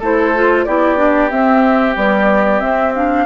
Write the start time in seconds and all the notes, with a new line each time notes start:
0.00 A3 E4 A4 C5
0.35 F4
0.65 B3 E4 G4 D5
0.97 D4
1.30 C4 E5
1.94 G3 B3 D5
2.60 C4 E5
2.95 D4 F5